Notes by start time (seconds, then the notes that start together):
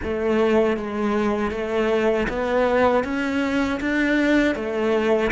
0.03 A3
0.76 G#3
1.51 A3
2.28 B3
3.03 C#4
3.80 D4
4.55 A3